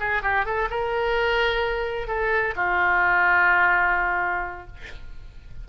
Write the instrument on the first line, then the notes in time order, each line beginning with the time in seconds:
oboe
0.00 G#4
0.23 G4
0.46 A4
0.71 A#4
2.08 A4
2.56 F4